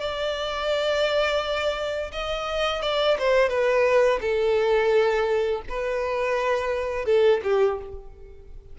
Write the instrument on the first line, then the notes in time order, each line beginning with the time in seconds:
violin
0.00 D5
2.12 D#5
2.82 D5
3.19 C5
3.49 B4
4.21 A4
5.69 B4
7.06 A4
7.44 G4